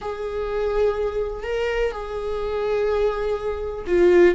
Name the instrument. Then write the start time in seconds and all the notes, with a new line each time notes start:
viola
0.01 G#4
1.43 A#4
1.91 G#4
3.86 F4